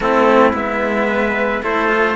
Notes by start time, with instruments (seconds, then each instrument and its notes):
0.00 cello A3 C4, trumpet E4 A4
0.53 cello G#3 B3, trumpet E5
1.08 trumpet B4
1.62 cello A3 E4, trumpet A4 C5
1.88 cello F4